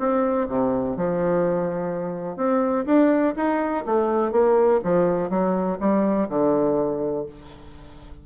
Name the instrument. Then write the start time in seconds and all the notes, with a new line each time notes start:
bassoon
0.00 C4
0.49 C3
0.97 F3
2.37 C4
2.86 D4
3.37 D#4
3.86 A3
4.32 A#3
4.84 F3
5.30 F#3
5.80 G3
6.29 D3